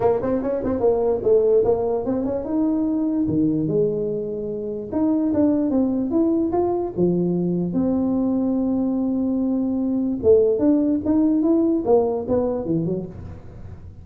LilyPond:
\new Staff \with { instrumentName = "tuba" } { \time 4/4 \tempo 4 = 147 ais8 c'8 cis'8 c'8 ais4 a4 | ais4 c'8 cis'8 dis'2 | dis4 gis2. | dis'4 d'4 c'4 e'4 |
f'4 f2 c'4~ | c'1~ | c'4 a4 d'4 dis'4 | e'4 ais4 b4 e8 fis8 | }